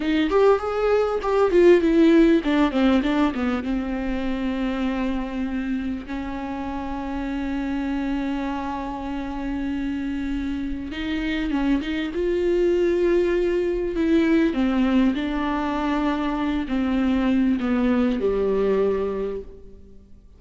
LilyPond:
\new Staff \with { instrumentName = "viola" } { \time 4/4 \tempo 4 = 99 dis'8 g'8 gis'4 g'8 f'8 e'4 | d'8 c'8 d'8 b8 c'2~ | c'2 cis'2~ | cis'1~ |
cis'2 dis'4 cis'8 dis'8 | f'2. e'4 | c'4 d'2~ d'8 c'8~ | c'4 b4 g2 | }